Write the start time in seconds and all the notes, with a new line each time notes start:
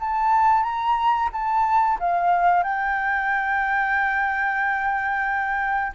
0.00 A5
0.64 A#5
1.32 A5
2.00 F5
2.63 G5